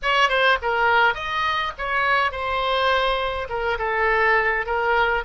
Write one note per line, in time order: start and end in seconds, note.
0.02 0.28 C#5
0.28 0.57 C5
0.62 1.14 A#4
1.14 1.72 D#5
1.78 2.31 C#5
2.31 3.48 C5
3.49 3.78 A#4
3.78 4.65 A4
4.65 5.24 A#4